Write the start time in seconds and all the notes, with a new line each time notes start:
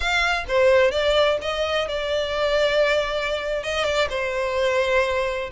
0.00 F5
0.48 C5
0.91 D5
1.41 D#5
1.88 D5
3.63 D#5
3.84 D5
4.09 C5